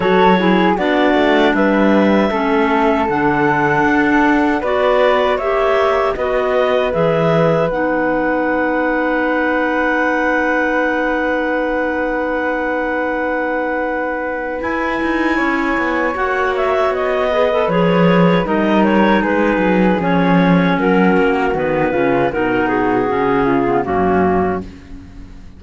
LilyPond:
<<
  \new Staff \with { instrumentName = "clarinet" } { \time 4/4 \tempo 4 = 78 cis''4 d''4 e''2 | fis''2 d''4 e''4 | dis''4 e''4 fis''2~ | fis''1~ |
fis''2. gis''4~ | gis''4 fis''8 e''8 dis''4 cis''4 | dis''8 cis''8 b'4 cis''4 ais'4 | b'4 ais'8 gis'4. fis'4 | }
  \new Staff \with { instrumentName = "flute" } { \time 4/4 a'8 gis'8 fis'4 b'4 a'4~ | a'2 b'4 cis''4 | b'1~ | b'1~ |
b'1 | cis''2~ cis''8 b'4. | ais'4 gis'2 fis'4~ | fis'8 f'8 fis'4. f'8 cis'4 | }
  \new Staff \with { instrumentName = "clarinet" } { \time 4/4 fis'8 e'8 d'2 cis'4 | d'2 fis'4 g'4 | fis'4 gis'4 dis'2~ | dis'1~ |
dis'2. e'4~ | e'4 fis'4. gis'16 a'16 gis'4 | dis'2 cis'2 | b8 cis'8 dis'4 cis'8. b16 ais4 | }
  \new Staff \with { instrumentName = "cello" } { \time 4/4 fis4 b8 a8 g4 a4 | d4 d'4 b4 ais4 | b4 e4 b2~ | b1~ |
b2. e'8 dis'8 | cis'8 b8 ais4 b4 f4 | g4 gis8 fis8 f4 fis8 ais8 | dis8 cis8 b,4 cis4 fis,4 | }
>>